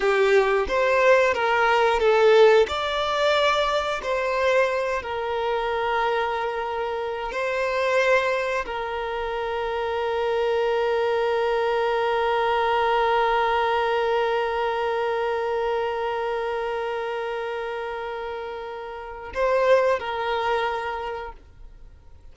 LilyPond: \new Staff \with { instrumentName = "violin" } { \time 4/4 \tempo 4 = 90 g'4 c''4 ais'4 a'4 | d''2 c''4. ais'8~ | ais'2. c''4~ | c''4 ais'2.~ |
ais'1~ | ais'1~ | ais'1~ | ais'4 c''4 ais'2 | }